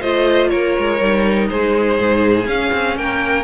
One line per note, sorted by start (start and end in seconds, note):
0.00 0.51 A3
0.00 0.98 F4
0.00 0.49 C5
0.00 0.49 D#5
0.49 0.77 A#3
0.49 1.49 A#4
0.49 1.47 C#5
0.78 1.00 G#3
0.98 1.49 G3
0.98 2.45 D#4
1.49 1.98 G#3
1.49 2.97 G#4
1.49 2.47 C5
1.98 2.46 G#2
2.45 3.43 C#4
2.45 2.71 C#4
2.45 2.97 F5
2.72 2.96 C4
2.96 3.43 A#3
2.96 3.43 A#4
2.96 3.43 G5